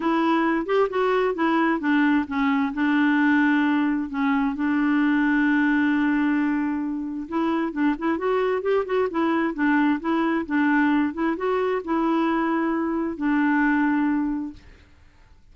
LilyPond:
\new Staff \with { instrumentName = "clarinet" } { \time 4/4 \tempo 4 = 132 e'4. g'8 fis'4 e'4 | d'4 cis'4 d'2~ | d'4 cis'4 d'2~ | d'1 |
e'4 d'8 e'8 fis'4 g'8 fis'8 | e'4 d'4 e'4 d'4~ | d'8 e'8 fis'4 e'2~ | e'4 d'2. | }